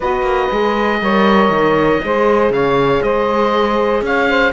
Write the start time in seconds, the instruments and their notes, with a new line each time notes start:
0.00 cello B3, horn F#4, saxophone B4, oboe D#5
0.22 cello A#3
0.51 cello G#3, horn G#4
1.01 cello G3, horn A#4, saxophone C#5
1.49 cello D#3
2.04 cello G#3, horn G#4, saxophone C5
2.49 cello C#3, saxophone C#5, oboe F5
3.02 cello G#3, saxophone C5, oboe D#5
4.01 cello C#4, saxophone C#5, oboe F5
4.28 saxophone C5